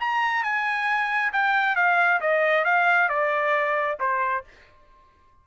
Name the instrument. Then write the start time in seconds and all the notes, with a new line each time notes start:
trumpet
0.00 A#5
0.43 G#5
1.32 G5
1.76 F5
2.20 D#5
2.64 F5
3.09 D5
4.00 C5